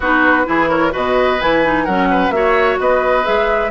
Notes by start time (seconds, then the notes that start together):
0.00 B3 D#4 F#4 B4
0.45 E3 E4 G#4
0.69 A#4 C#5
0.90 B2 F#4 B4 D#5
1.41 E3 E4 G#5
1.64 D#4
1.84 F#3 C#4 A#4 F#5
2.10 B4
2.29 A#3 F#4 E5
2.35 C#5
2.79 B3 B4 D#5
3.23 G#3 G#4 E5